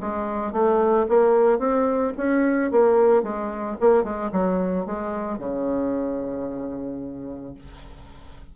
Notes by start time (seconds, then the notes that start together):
0.00 G#3
0.52 A3
1.08 A#3
1.58 C4
2.17 C#4
2.71 A#3
3.23 G#3
3.80 A#3
4.03 G#3
4.32 F#3
4.86 G#3
5.38 C#3